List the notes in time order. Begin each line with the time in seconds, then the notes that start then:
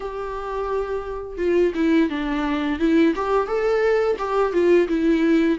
0.00 G4
1.37 F4
1.74 E4
2.09 D4
2.79 E4
3.15 G4
3.47 A4
4.18 G4
4.53 F4
4.88 E4